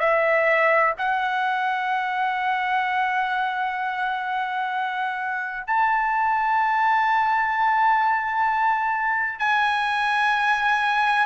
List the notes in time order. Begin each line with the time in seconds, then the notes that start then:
0.00 E5
0.98 F#5
5.67 A5
9.39 G#5